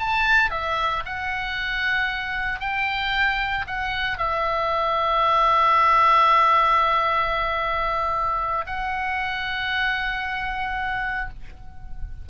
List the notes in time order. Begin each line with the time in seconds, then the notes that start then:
0.00 A5
0.51 E5
1.06 F#5
2.61 G5
3.67 F#5
4.18 E5
8.67 F#5